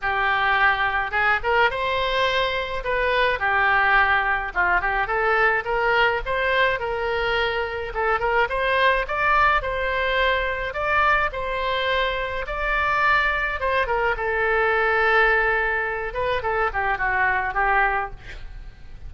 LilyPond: \new Staff \with { instrumentName = "oboe" } { \time 4/4 \tempo 4 = 106 g'2 gis'8 ais'8 c''4~ | c''4 b'4 g'2 | f'8 g'8 a'4 ais'4 c''4 | ais'2 a'8 ais'8 c''4 |
d''4 c''2 d''4 | c''2 d''2 | c''8 ais'8 a'2.~ | a'8 b'8 a'8 g'8 fis'4 g'4 | }